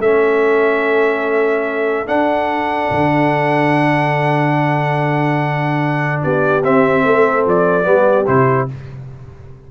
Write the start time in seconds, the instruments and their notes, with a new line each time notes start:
0.00 tuba A3, trombone C#4, horn A4, trumpet E5
2.07 trombone D4, tuba D4, trumpet F#5
2.91 tuba D3
6.22 tuba B3, horn G4, trumpet D5
6.63 tuba C4, trombone C4, trumpet E5
7.04 tuba A3, horn A4
7.46 tuba F3, trumpet D5
7.84 tuba G3, trombone B3, horn G4
8.27 tuba C3, trombone E4, trumpet C5